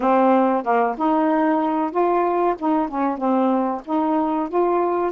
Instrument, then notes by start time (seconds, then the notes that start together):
saxophone
0.00 C4
0.63 A#3
0.97 D#4
1.91 F4
2.59 D#4
2.88 C#4
3.17 C4
3.84 D#4
4.48 F4